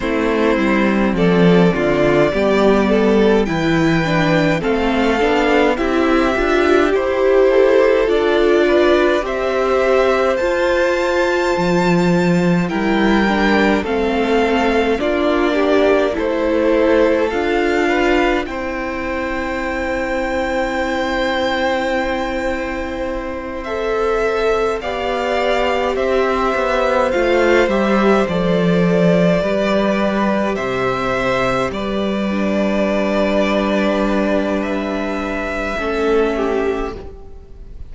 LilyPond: <<
  \new Staff \with { instrumentName = "violin" } { \time 4/4 \tempo 4 = 52 c''4 d''2 g''4 | f''4 e''4 c''4 d''4 | e''4 a''2 g''4 | f''4 d''4 c''4 f''4 |
g''1~ | g''8 e''4 f''4 e''4 f''8 | e''8 d''2 e''4 d''8~ | d''2 e''2 | }
  \new Staff \with { instrumentName = "violin" } { \time 4/4 e'4 a'8 f'8 g'8 a'8 b'4 | a'4 g'4. a'4 b'8 | c''2. ais'4 | a'4 f'8 g'8 a'4. b'8 |
c''1~ | c''4. d''4 c''4.~ | c''4. b'4 c''4 b'8~ | b'2. a'8 g'8 | }
  \new Staff \with { instrumentName = "viola" } { \time 4/4 c'2 b4 e'8 d'8 | c'8 d'8 e'8 f'8 g'4 f'4 | g'4 f'2 e'8 d'8 | c'4 d'4 e'4 f'4 |
e'1~ | e'8 a'4 g'2 f'8 | g'8 a'4 g'2~ g'8 | d'2. cis'4 | }
  \new Staff \with { instrumentName = "cello" } { \time 4/4 a8 g8 f8 d8 g4 e4 | a8 b8 c'8 d'8 e'4 d'4 | c'4 f'4 f4 g4 | a4 ais4 a4 d'4 |
c'1~ | c'4. b4 c'8 b8 a8 | g8 f4 g4 c4 g8~ | g2. a4 | }
>>